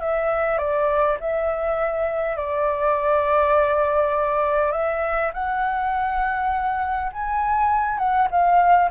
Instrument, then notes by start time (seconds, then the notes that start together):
flute
0.00 E5
0.58 D5
1.20 E5
2.37 D5
4.72 E5
5.33 F#5
7.13 G#5
7.98 F#5
8.30 F5